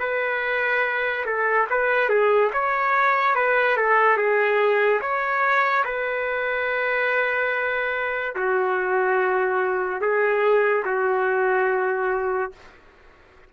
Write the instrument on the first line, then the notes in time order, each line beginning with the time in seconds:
trumpet
0.00 B4
1.26 A4
1.70 B4
2.09 G#4
2.53 C#5
3.36 B4
3.77 A4
4.18 G#4
5.01 C#5
5.85 B4
8.36 F#4
10.02 G#4
10.86 F#4